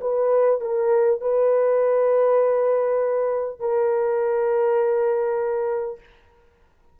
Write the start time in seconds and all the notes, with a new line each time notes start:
0.00 B4
0.60 A#4
1.20 B4
3.59 A#4